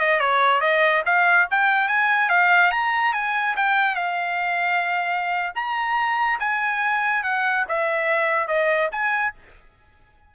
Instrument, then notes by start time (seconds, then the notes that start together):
trumpet
0.00 D#5
0.20 C#5
0.61 D#5
1.06 F5
1.51 G5
1.88 G#5
2.30 F5
2.72 A#5
3.14 G#5
3.57 G5
3.95 F5
5.55 A#5
6.40 G#5
7.24 F#5
7.69 E5
8.48 D#5
8.92 G#5